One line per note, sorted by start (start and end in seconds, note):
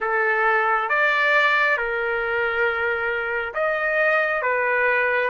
0.00 0.89 A4
0.89 1.77 D5
1.77 3.53 A#4
3.54 4.42 D#5
4.42 5.30 B4